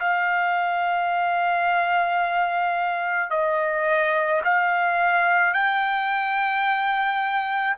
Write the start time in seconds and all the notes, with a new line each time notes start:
0.00 F5
3.31 D#5
4.44 F5
5.54 G5